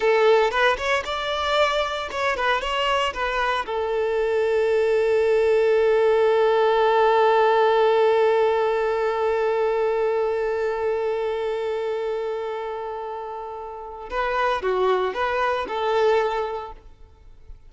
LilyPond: \new Staff \with { instrumentName = "violin" } { \time 4/4 \tempo 4 = 115 a'4 b'8 cis''8 d''2 | cis''8 b'8 cis''4 b'4 a'4~ | a'1~ | a'1~ |
a'1~ | a'1~ | a'2. b'4 | fis'4 b'4 a'2 | }